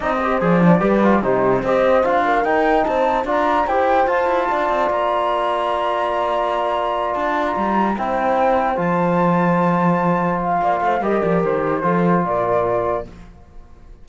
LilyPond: <<
  \new Staff \with { instrumentName = "flute" } { \time 4/4 \tempo 4 = 147 dis''4 d''2 c''4 | dis''4 f''4 g''4 a''4 | ais''4 g''4 a''2 | ais''1~ |
ais''4. a''8. ais''4~ ais''16 g''8~ | g''4. a''2~ a''8~ | a''4. f''4. dis''8 d''8 | c''2 d''2 | }
  \new Staff \with { instrumentName = "horn" } { \time 4/4 d''8 c''4. b'4 g'4 | c''4. ais'4. c''4 | d''4 c''2 d''4~ | d''1~ |
d''2.~ d''8 c''8~ | c''1~ | c''2 d''8 c''8 ais'4~ | ais'4 a'4 ais'2 | }
  \new Staff \with { instrumentName = "trombone" } { \time 4/4 dis'8 g'8 gis'8 d'8 g'8 f'8 dis'4 | g'4 f'4 dis'2 | f'4 g'4 f'2~ | f'1~ |
f'2.~ f'8 e'8~ | e'4. f'2~ f'8~ | f'2. g'4~ | g'4 f'2. | }
  \new Staff \with { instrumentName = "cello" } { \time 4/4 c'4 f4 g4 c4 | c'4 d'4 dis'4 c'4 | d'4 e'4 f'8 e'8 d'8 c'8 | ais1~ |
ais4. d'4 g4 c'8~ | c'4. f2~ f8~ | f2 ais8 a8 g8 f8 | dis4 f4 ais,2 | }
>>